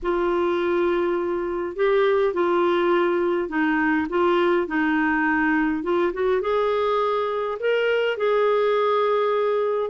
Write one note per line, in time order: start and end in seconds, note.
0.02 1.76 F4
1.76 2.33 G4
2.33 3.48 F4
3.48 4.07 D#4
4.09 4.67 F4
4.67 5.83 D#4
5.83 6.12 F4
6.13 6.41 F#4
6.41 7.57 G#4
7.59 8.17 A#4
8.17 9.90 G#4